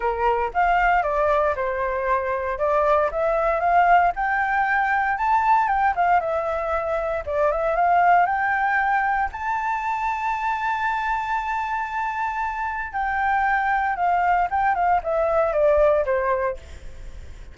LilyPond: \new Staff \with { instrumentName = "flute" } { \time 4/4 \tempo 4 = 116 ais'4 f''4 d''4 c''4~ | c''4 d''4 e''4 f''4 | g''2 a''4 g''8 f''8 | e''2 d''8 e''8 f''4 |
g''2 a''2~ | a''1~ | a''4 g''2 f''4 | g''8 f''8 e''4 d''4 c''4 | }